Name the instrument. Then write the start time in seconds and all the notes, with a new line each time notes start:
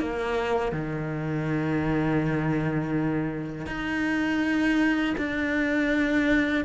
cello
0.00 A#3
0.72 D#3
3.66 D#4
5.18 D4